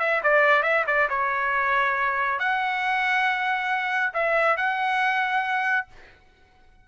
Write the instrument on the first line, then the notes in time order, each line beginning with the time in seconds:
trumpet
0.00 E5
0.24 D5
0.63 E5
0.87 D5
1.09 C#5
2.40 F#5
4.14 E5
4.57 F#5